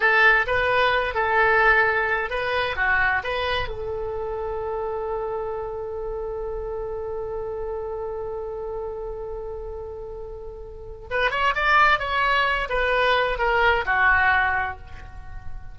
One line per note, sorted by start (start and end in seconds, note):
0.00 0.46 A4
0.47 1.14 B4
1.14 2.30 A4
2.30 2.76 B4
2.76 3.22 F#4
3.23 3.68 B4
3.68 11.06 A4
11.10 11.31 B4
11.31 11.54 C#5
11.55 11.99 D5
11.99 12.68 C#5
12.69 13.38 B4
13.38 13.84 A#4
13.85 14.78 F#4